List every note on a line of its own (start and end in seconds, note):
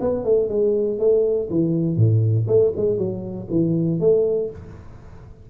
0.00 0.24 B3
0.24 0.49 A3
0.49 0.98 G#3
0.98 1.48 A3
1.50 1.96 E3
1.96 2.46 A2
2.47 2.72 A3
2.76 2.97 G#3
2.97 3.47 F#3
3.49 3.99 E3
3.99 4.49 A3